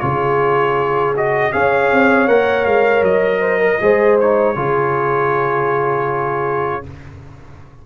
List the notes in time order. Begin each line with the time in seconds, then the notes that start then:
0.00 C#3 F4 G#4 C#5
1.16 F#4 D#5
1.53 C#4 G#4 C#5 F5
1.92 C4
2.28 A#3 A#4 F#5
2.66 G#3 F5
3.02 F#3 D#5
3.41 C5
3.61 A#4
3.81 G#3 G#4 C5
4.20 D#4 C#5
4.56 C#3 F4 G#4